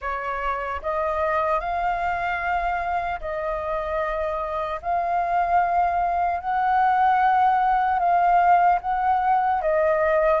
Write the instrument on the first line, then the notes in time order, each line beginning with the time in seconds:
flute
0.01 C#5
0.81 D#5
1.60 F5
3.20 D#5
4.82 F5
6.40 F#5
7.99 F5
8.81 F#5
9.61 D#5